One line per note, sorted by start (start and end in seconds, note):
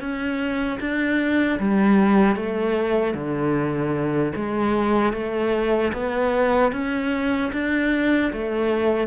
0.00 0.79 C#4
0.80 1.59 D4
1.59 2.36 G3
2.36 3.14 A3
3.14 4.32 D3
4.35 5.13 G#3
5.13 5.92 A3
5.93 6.72 B3
6.72 7.51 C#4
7.53 8.31 D4
8.33 9.07 A3